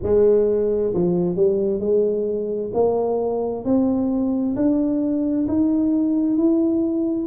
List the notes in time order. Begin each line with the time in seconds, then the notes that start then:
0.02 G#3
0.94 F3
1.36 G3
1.80 G#3
2.73 A#3
3.64 C4
4.56 D4
5.48 D#4
6.37 E4